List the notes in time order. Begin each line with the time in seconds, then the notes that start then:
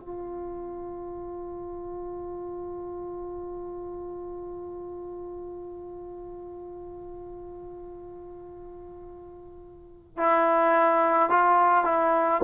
0.00 F4
10.17 E4
11.30 F4
11.84 E4